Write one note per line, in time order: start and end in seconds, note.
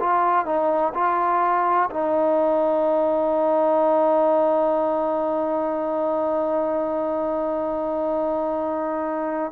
0.00 0.45 F4
0.45 0.93 D#4
0.94 1.90 F4
1.90 9.52 D#4